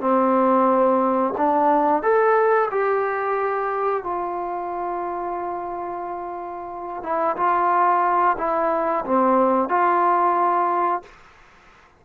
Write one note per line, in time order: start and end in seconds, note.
0.00 1.33 C4
1.37 2.02 D4
2.02 2.69 A4
2.71 4.03 G4
4.03 7.02 F4
7.02 7.36 E4
7.36 8.36 F4
8.38 9.04 E4
9.05 9.69 C4
9.69 11.02 F4